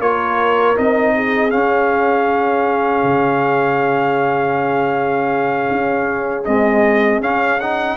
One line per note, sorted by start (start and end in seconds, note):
0.00 0.76 A#3
0.00 0.76 F4
0.00 1.15 A#4
0.00 0.77 C#5
0.76 1.54 C4
0.76 1.50 D#4
0.76 1.51 D#5
1.16 7.97 G#4
1.50 6.43 C#4
1.50 3.04 C#4
1.50 6.44 F5
3.04 5.69 C#3
5.71 6.47 C#4
6.45 7.22 G#3
6.45 7.21 C4
6.45 7.21 D#5
7.21 7.97 C#4
7.21 7.60 C#4
7.21 7.60 F5
7.60 7.97 D#4
7.60 7.97 F#5